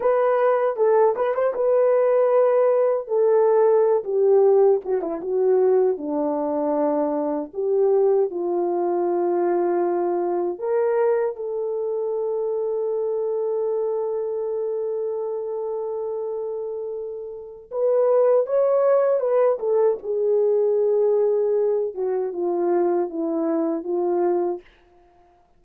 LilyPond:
\new Staff \with { instrumentName = "horn" } { \time 4/4 \tempo 4 = 78 b'4 a'8 b'16 c''16 b'2 | a'4~ a'16 g'4 fis'16 e'16 fis'4 d'16~ | d'4.~ d'16 g'4 f'4~ f'16~ | f'4.~ f'16 ais'4 a'4~ a'16~ |
a'1~ | a'2. b'4 | cis''4 b'8 a'8 gis'2~ | gis'8 fis'8 f'4 e'4 f'4 | }